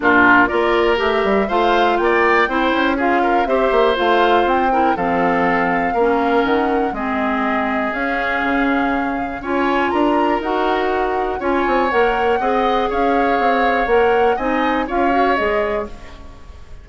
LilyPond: <<
  \new Staff \with { instrumentName = "flute" } { \time 4/4 \tempo 4 = 121 ais'4 d''4 e''4 f''4 | g''2 f''4 e''4 | f''4 g''4 f''2~ | f''4 fis''4 dis''2 |
f''2. gis''4 | ais''4 fis''2 gis''4 | fis''2 f''2 | fis''4 gis''4 f''4 dis''4 | }
  \new Staff \with { instrumentName = "oboe" } { \time 4/4 f'4 ais'2 c''4 | d''4 c''4 gis'8 ais'8 c''4~ | c''4. ais'8 a'2 | ais'2 gis'2~ |
gis'2. cis''4 | ais'2. cis''4~ | cis''4 dis''4 cis''2~ | cis''4 dis''4 cis''2 | }
  \new Staff \with { instrumentName = "clarinet" } { \time 4/4 d'4 f'4 g'4 f'4~ | f'4 e'4 f'4 g'4 | f'4. e'8 c'2 | cis'2 c'2 |
cis'2. f'4~ | f'4 fis'2 f'4 | ais'4 gis'2. | ais'4 dis'4 f'8 fis'8 gis'4 | }
  \new Staff \with { instrumentName = "bassoon" } { \time 4/4 ais,4 ais4 a8 g8 a4 | ais4 c'8 cis'4. c'8 ais8 | a4 c'4 f2 | ais4 dis4 gis2 |
cis'4 cis2 cis'4 | d'4 dis'2 cis'8 c'8 | ais4 c'4 cis'4 c'4 | ais4 c'4 cis'4 gis4 | }
>>